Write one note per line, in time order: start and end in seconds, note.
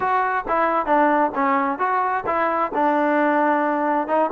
0.00 0.44 F#4
0.48 0.86 E4
0.86 1.31 D4
1.34 1.78 C#4
1.78 2.24 F#4
2.26 2.71 E4
2.74 4.07 D4
4.07 4.30 D#4